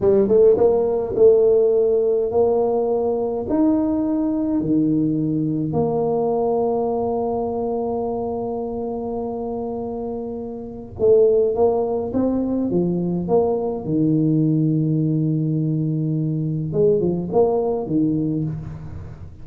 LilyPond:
\new Staff \with { instrumentName = "tuba" } { \time 4/4 \tempo 4 = 104 g8 a8 ais4 a2 | ais2 dis'2 | dis2 ais2~ | ais1~ |
ais2. a4 | ais4 c'4 f4 ais4 | dis1~ | dis4 gis8 f8 ais4 dis4 | }